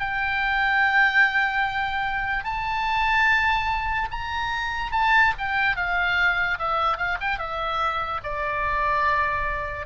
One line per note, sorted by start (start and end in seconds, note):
0.00 2.44 G5
2.44 4.09 A5
4.11 4.92 A#5
4.92 5.33 A5
5.38 5.76 G5
5.76 6.59 F5
6.59 6.98 E5
6.98 7.18 F5
7.21 7.39 G5
7.39 8.21 E5
8.24 9.86 D5